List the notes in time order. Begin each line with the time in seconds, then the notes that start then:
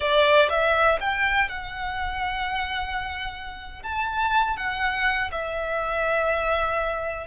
0.00 D5
0.49 E5
1.00 G5
1.48 F#5
3.82 A5
4.56 F#5
5.31 E5